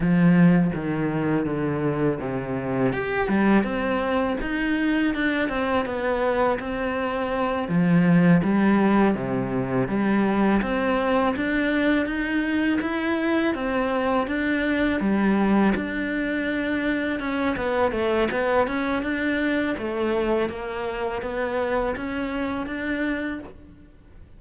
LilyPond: \new Staff \with { instrumentName = "cello" } { \time 4/4 \tempo 4 = 82 f4 dis4 d4 c4 | g'8 g8 c'4 dis'4 d'8 c'8 | b4 c'4. f4 g8~ | g8 c4 g4 c'4 d'8~ |
d'8 dis'4 e'4 c'4 d'8~ | d'8 g4 d'2 cis'8 | b8 a8 b8 cis'8 d'4 a4 | ais4 b4 cis'4 d'4 | }